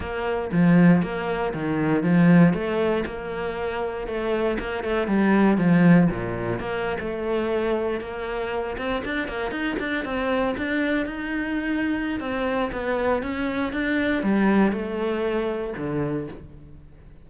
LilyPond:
\new Staff \with { instrumentName = "cello" } { \time 4/4 \tempo 4 = 118 ais4 f4 ais4 dis4 | f4 a4 ais2 | a4 ais8 a8 g4 f4 | ais,4 ais8. a2 ais16~ |
ais4~ ais16 c'8 d'8 ais8 dis'8 d'8 c'16~ | c'8. d'4 dis'2~ dis'16 | c'4 b4 cis'4 d'4 | g4 a2 d4 | }